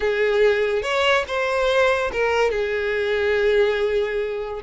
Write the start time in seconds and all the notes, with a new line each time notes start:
0.00 G#4
0.82 C#5
1.27 C5
2.12 A#4
2.51 G#4